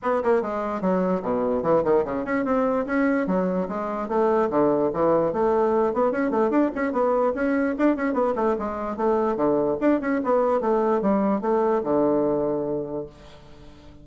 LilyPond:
\new Staff \with { instrumentName = "bassoon" } { \time 4/4 \tempo 4 = 147 b8 ais8 gis4 fis4 b,4 | e8 dis8 cis8 cis'8 c'4 cis'4 | fis4 gis4 a4 d4 | e4 a4. b8 cis'8 a8 |
d'8 cis'8 b4 cis'4 d'8 cis'8 | b8 a8 gis4 a4 d4 | d'8 cis'8 b4 a4 g4 | a4 d2. | }